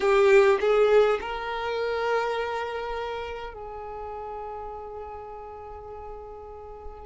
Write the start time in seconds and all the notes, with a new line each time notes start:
0.00 G4
0.60 G#4
1.20 A#4
3.53 G#4